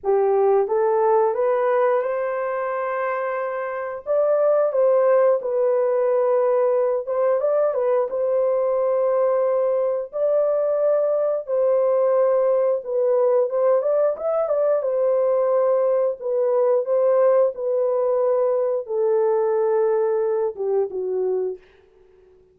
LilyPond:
\new Staff \with { instrumentName = "horn" } { \time 4/4 \tempo 4 = 89 g'4 a'4 b'4 c''4~ | c''2 d''4 c''4 | b'2~ b'8 c''8 d''8 b'8 | c''2. d''4~ |
d''4 c''2 b'4 | c''8 d''8 e''8 d''8 c''2 | b'4 c''4 b'2 | a'2~ a'8 g'8 fis'4 | }